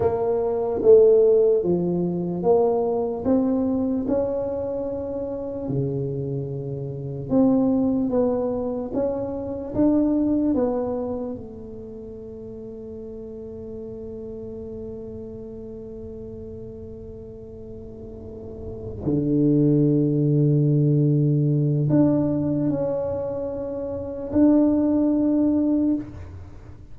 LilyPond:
\new Staff \with { instrumentName = "tuba" } { \time 4/4 \tempo 4 = 74 ais4 a4 f4 ais4 | c'4 cis'2 cis4~ | cis4 c'4 b4 cis'4 | d'4 b4 a2~ |
a1~ | a2.~ a8 d8~ | d2. d'4 | cis'2 d'2 | }